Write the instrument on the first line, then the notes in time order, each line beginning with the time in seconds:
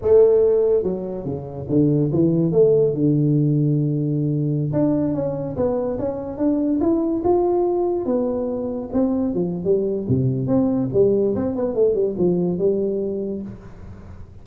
tuba
0.01 A3
0.83 F#3
1.25 C#3
1.69 D3
2.12 E3
2.52 A3
2.94 D3
4.72 D4
5.13 C#4
5.56 B3
5.98 C#4
6.37 D4
6.80 E4
7.24 F4
8.05 B3
8.92 C4
9.34 F3
9.64 G3
10.08 C3
10.47 C4
10.93 G3
11.35 C4
11.55 B3
11.74 A3
11.94 G3
12.18 F3
12.58 G3